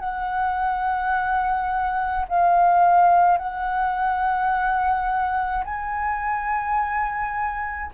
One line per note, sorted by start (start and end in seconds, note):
0.00 2.26 F#5
2.29 3.38 F5
3.38 5.65 F#5
5.65 7.91 G#5